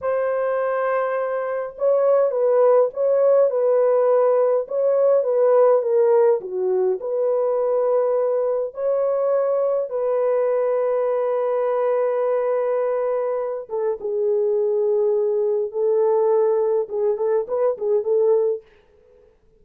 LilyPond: \new Staff \with { instrumentName = "horn" } { \time 4/4 \tempo 4 = 103 c''2. cis''4 | b'4 cis''4 b'2 | cis''4 b'4 ais'4 fis'4 | b'2. cis''4~ |
cis''4 b'2.~ | b'2.~ b'8 a'8 | gis'2. a'4~ | a'4 gis'8 a'8 b'8 gis'8 a'4 | }